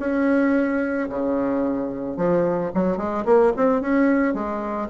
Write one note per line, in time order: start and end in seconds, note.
0.00 1.09 C#4
1.10 2.17 C#3
2.17 2.72 F3
2.75 2.98 F#3
2.98 3.25 G#3
3.26 3.53 A#3
3.57 3.82 C4
3.82 4.34 C#4
4.34 4.89 G#3